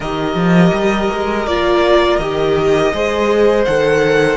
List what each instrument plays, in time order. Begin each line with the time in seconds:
0.00 cello D#3, viola G4, violin A#4 D#5
0.34 cello F3
0.72 cello G3
1.13 cello G#3
1.46 cello A#3, viola F4, violin D5
2.17 cello D#3, viola G4, violin D#5
2.93 cello G#3, viola G#4, violin C5
3.65 cello D#3, viola A4, violin F#5